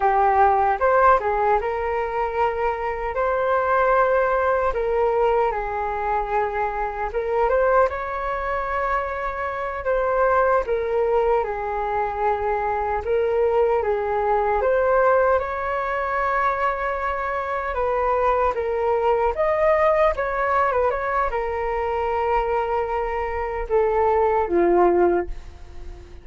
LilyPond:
\new Staff \with { instrumentName = "flute" } { \time 4/4 \tempo 4 = 76 g'4 c''8 gis'8 ais'2 | c''2 ais'4 gis'4~ | gis'4 ais'8 c''8 cis''2~ | cis''8 c''4 ais'4 gis'4.~ |
gis'8 ais'4 gis'4 c''4 cis''8~ | cis''2~ cis''8 b'4 ais'8~ | ais'8 dis''4 cis''8. b'16 cis''8 ais'4~ | ais'2 a'4 f'4 | }